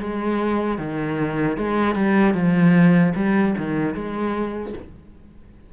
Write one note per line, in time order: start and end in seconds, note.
0.00 0.78 G#3
0.78 1.57 D#3
1.57 1.96 G#3
1.96 2.34 G3
2.34 3.13 F3
3.15 3.55 G3
3.58 3.95 D#3
3.95 4.74 G#3